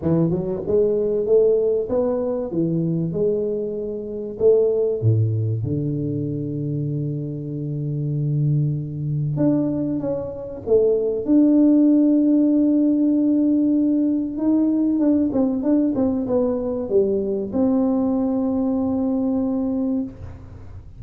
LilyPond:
\new Staff \with { instrumentName = "tuba" } { \time 4/4 \tempo 4 = 96 e8 fis8 gis4 a4 b4 | e4 gis2 a4 | a,4 d2.~ | d2. d'4 |
cis'4 a4 d'2~ | d'2. dis'4 | d'8 c'8 d'8 c'8 b4 g4 | c'1 | }